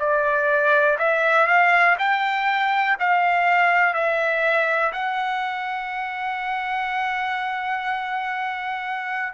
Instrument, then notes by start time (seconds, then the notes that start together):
trumpet
0.00 D5
0.99 E5
1.48 F5
1.99 G5
3.00 F5
3.94 E5
4.93 F#5